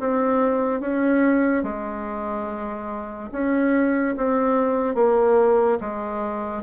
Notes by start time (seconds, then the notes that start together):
0.00 C4
0.81 C#4
1.64 G#3
3.33 C#4
4.17 C4
4.95 A#3
5.81 G#3